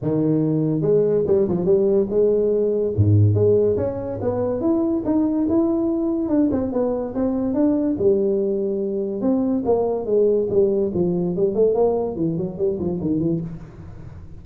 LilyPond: \new Staff \with { instrumentName = "tuba" } { \time 4/4 \tempo 4 = 143 dis2 gis4 g8 f8 | g4 gis2 gis,4 | gis4 cis'4 b4 e'4 | dis'4 e'2 d'8 c'8 |
b4 c'4 d'4 g4~ | g2 c'4 ais4 | gis4 g4 f4 g8 a8 | ais4 e8 fis8 g8 f8 dis8 e8 | }